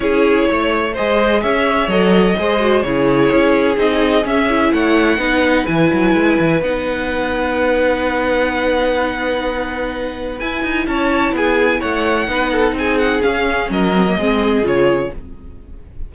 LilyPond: <<
  \new Staff \with { instrumentName = "violin" } { \time 4/4 \tempo 4 = 127 cis''2 dis''4 e''4 | dis''2 cis''2 | dis''4 e''4 fis''2 | gis''2 fis''2~ |
fis''1~ | fis''2 gis''4 a''4 | gis''4 fis''2 gis''8 fis''8 | f''4 dis''2 cis''4 | }
  \new Staff \with { instrumentName = "violin" } { \time 4/4 gis'4 cis''4 c''4 cis''4~ | cis''4 c''4 gis'2~ | gis'2 cis''4 b'4~ | b'1~ |
b'1~ | b'2. cis''4 | gis'4 cis''4 b'8 a'8 gis'4~ | gis'4 ais'4 gis'2 | }
  \new Staff \with { instrumentName = "viola" } { \time 4/4 e'2 gis'2 | a'4 gis'8 fis'8 e'2 | dis'4 cis'8 e'4. dis'4 | e'2 dis'2~ |
dis'1~ | dis'2 e'2~ | e'2 dis'2 | cis'4. c'16 ais16 c'4 f'4 | }
  \new Staff \with { instrumentName = "cello" } { \time 4/4 cis'4 a4 gis4 cis'4 | fis4 gis4 cis4 cis'4 | c'4 cis'4 a4 b4 | e8 fis8 gis8 e8 b2~ |
b1~ | b2 e'8 dis'8 cis'4 | b4 a4 b4 c'4 | cis'4 fis4 gis4 cis4 | }
>>